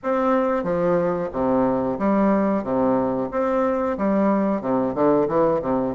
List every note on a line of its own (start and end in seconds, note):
0.03 0.63 C4
0.63 1.29 F3
1.32 1.98 C3
1.98 2.63 G3
2.63 3.29 C3
3.31 3.97 C4
3.97 4.61 G3
4.61 4.94 C3
4.94 5.27 D3
5.27 5.60 E3
5.61 5.94 C3